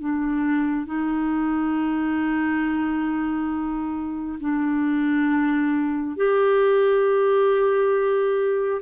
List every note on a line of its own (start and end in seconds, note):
0.00 0.86 D4
0.86 4.39 D#4
4.40 6.17 D4
6.17 8.82 G4